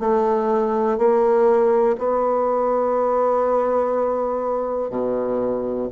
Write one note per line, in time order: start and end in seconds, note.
0.00 0.98 A3
0.98 1.97 A#3
1.99 4.90 B3
4.90 5.89 B2